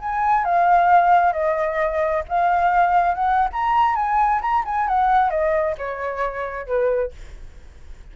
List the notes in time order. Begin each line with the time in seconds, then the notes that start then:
0.00 G#5
0.45 F5
1.33 D#5
2.29 F5
3.15 F#5
3.53 A#5
3.96 G#5
4.42 A#5
4.66 G#5
4.88 F#5
5.31 D#5
5.78 C#5
6.67 B4